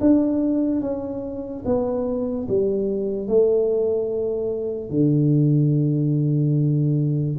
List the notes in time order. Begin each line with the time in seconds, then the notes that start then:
0.00 D4
0.81 C#4
1.65 B3
2.48 G3
3.27 A3
4.90 D3